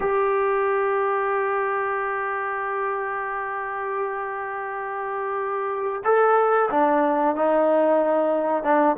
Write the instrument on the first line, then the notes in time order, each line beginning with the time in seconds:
trombone
0.00 G4
6.04 A4
6.71 D4
7.35 D#4
8.63 D4